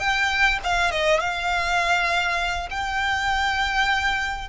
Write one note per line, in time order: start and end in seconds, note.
0.00 0.59 G5
0.64 0.91 F5
0.91 1.20 D#5
1.20 2.69 F5
2.71 4.49 G5